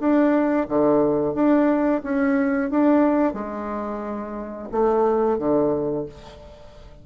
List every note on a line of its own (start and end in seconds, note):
0.00 0.67 D4
0.69 1.35 D3
1.35 2.02 D4
2.04 2.71 C#4
2.71 3.34 D4
3.34 4.69 G#3
4.72 5.39 A3
5.39 6.06 D3